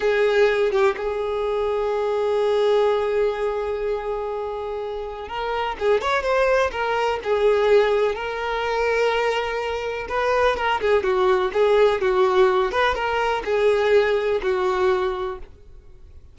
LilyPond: \new Staff \with { instrumentName = "violin" } { \time 4/4 \tempo 4 = 125 gis'4. g'8 gis'2~ | gis'1~ | gis'2. ais'4 | gis'8 cis''8 c''4 ais'4 gis'4~ |
gis'4 ais'2.~ | ais'4 b'4 ais'8 gis'8 fis'4 | gis'4 fis'4. b'8 ais'4 | gis'2 fis'2 | }